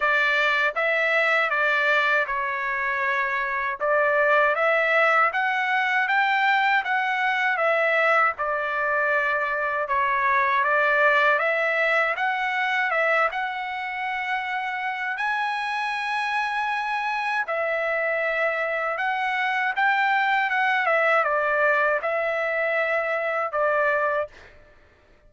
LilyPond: \new Staff \with { instrumentName = "trumpet" } { \time 4/4 \tempo 4 = 79 d''4 e''4 d''4 cis''4~ | cis''4 d''4 e''4 fis''4 | g''4 fis''4 e''4 d''4~ | d''4 cis''4 d''4 e''4 |
fis''4 e''8 fis''2~ fis''8 | gis''2. e''4~ | e''4 fis''4 g''4 fis''8 e''8 | d''4 e''2 d''4 | }